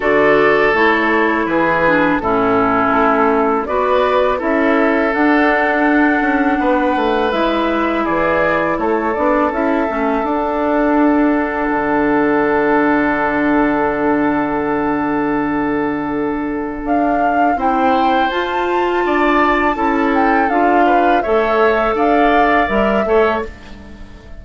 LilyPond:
<<
  \new Staff \with { instrumentName = "flute" } { \time 4/4 \tempo 4 = 82 d''4 cis''4 b'4 a'4~ | a'4 d''4 e''4 fis''4~ | fis''2 e''4 d''4 | cis''8 d''8 e''4 fis''2~ |
fis''1~ | fis''2. f''4 | g''4 a''2~ a''8 g''8 | f''4 e''4 f''4 e''4 | }
  \new Staff \with { instrumentName = "oboe" } { \time 4/4 a'2 gis'4 e'4~ | e'4 b'4 a'2~ | a'4 b'2 gis'4 | a'1~ |
a'1~ | a'1 | c''2 d''4 a'4~ | a'8 b'8 cis''4 d''4. cis''8 | }
  \new Staff \with { instrumentName = "clarinet" } { \time 4/4 fis'4 e'4. d'8 cis'4~ | cis'4 fis'4 e'4 d'4~ | d'2 e'2~ | e'8 d'8 e'8 cis'8 d'2~ |
d'1~ | d'1 | e'4 f'2 e'4 | f'4 a'2 ais'8 a'8 | }
  \new Staff \with { instrumentName = "bassoon" } { \time 4/4 d4 a4 e4 a,4 | a4 b4 cis'4 d'4~ | d'8 cis'8 b8 a8 gis4 e4 | a8 b8 cis'8 a8 d'2 |
d1~ | d2. d'4 | c'4 f'4 d'4 cis'4 | d'4 a4 d'4 g8 a8 | }
>>